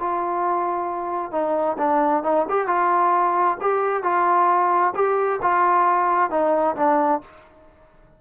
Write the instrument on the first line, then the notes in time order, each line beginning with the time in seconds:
trombone
0.00 F4
1.32 D#4
1.78 D4
2.24 D#4
2.50 G4
2.68 F4
3.61 G4
4.04 F4
4.95 G4
5.42 F4
6.31 D#4
6.76 D4